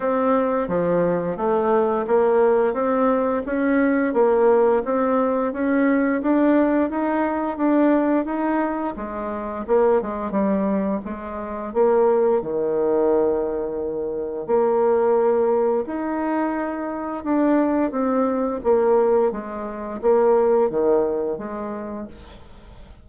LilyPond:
\new Staff \with { instrumentName = "bassoon" } { \time 4/4 \tempo 4 = 87 c'4 f4 a4 ais4 | c'4 cis'4 ais4 c'4 | cis'4 d'4 dis'4 d'4 | dis'4 gis4 ais8 gis8 g4 |
gis4 ais4 dis2~ | dis4 ais2 dis'4~ | dis'4 d'4 c'4 ais4 | gis4 ais4 dis4 gis4 | }